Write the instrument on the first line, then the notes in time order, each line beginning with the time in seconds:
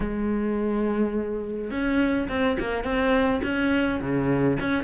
cello
0.00 G#3
1.70 C#4
2.29 C4
2.59 A#3
2.84 C4
3.43 C#4
4.01 C#3
4.59 C#4